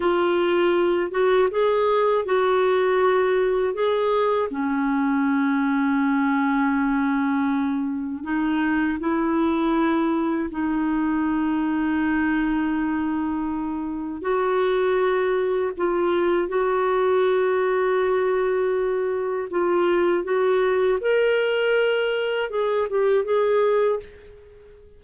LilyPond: \new Staff \with { instrumentName = "clarinet" } { \time 4/4 \tempo 4 = 80 f'4. fis'8 gis'4 fis'4~ | fis'4 gis'4 cis'2~ | cis'2. dis'4 | e'2 dis'2~ |
dis'2. fis'4~ | fis'4 f'4 fis'2~ | fis'2 f'4 fis'4 | ais'2 gis'8 g'8 gis'4 | }